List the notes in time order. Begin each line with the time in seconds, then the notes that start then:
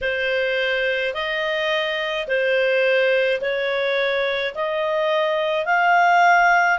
0.01 C5
1.13 D#5
2.27 C5
3.41 C#5
4.54 D#5
5.66 F5